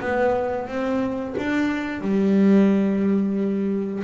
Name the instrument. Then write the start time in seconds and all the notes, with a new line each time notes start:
double bass
0.00 B3
0.67 C4
1.38 D4
2.00 G3